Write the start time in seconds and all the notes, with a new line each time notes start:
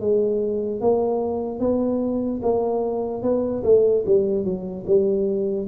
0.00 G#3
0.80 A#3
1.59 B3
2.42 A#3
3.22 B3
3.64 A3
4.06 G3
4.44 F#3
4.86 G3